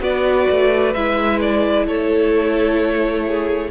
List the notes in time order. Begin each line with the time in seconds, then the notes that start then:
0.00 B3 F#4 B4 D5
0.50 A3
0.93 G#3 E4 E5
1.40 D5
1.85 A3 A4 C#5
3.27 G#4